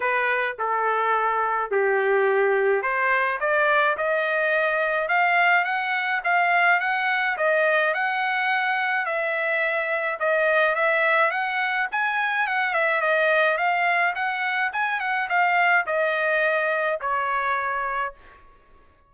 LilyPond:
\new Staff \with { instrumentName = "trumpet" } { \time 4/4 \tempo 4 = 106 b'4 a'2 g'4~ | g'4 c''4 d''4 dis''4~ | dis''4 f''4 fis''4 f''4 | fis''4 dis''4 fis''2 |
e''2 dis''4 e''4 | fis''4 gis''4 fis''8 e''8 dis''4 | f''4 fis''4 gis''8 fis''8 f''4 | dis''2 cis''2 | }